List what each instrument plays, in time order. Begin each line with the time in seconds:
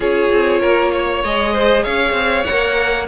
0.00 cello C#4, viola F4, violin G#4 C#5
0.31 cello C4
0.60 cello A#3, violin A#4
0.92 violin C#5
1.23 cello G#3, viola G#4, violin D#5
1.53 violin C5
1.83 cello C#4, violin C#5 F5
2.12 cello C4
2.44 viola A#4, violin F#5
2.50 cello A#3